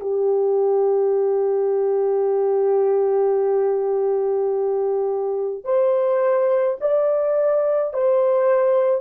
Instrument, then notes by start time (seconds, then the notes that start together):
horn
0.00 G4
5.64 C5
6.81 D5
7.93 C5